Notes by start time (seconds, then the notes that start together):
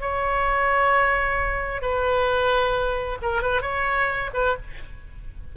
0.00 C#5
1.81 B4
3.21 A#4
3.42 B4
3.61 C#5
4.33 B4